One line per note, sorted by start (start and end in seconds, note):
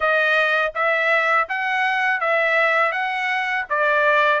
0.00 0.72 D#5
0.75 1.48 E5
1.48 2.20 F#5
2.20 2.92 E5
2.92 3.65 F#5
3.69 4.40 D5